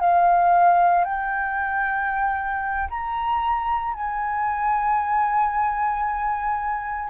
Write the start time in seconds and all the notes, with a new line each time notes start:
0.00 F5
1.05 G5
2.90 A#5
3.94 G#5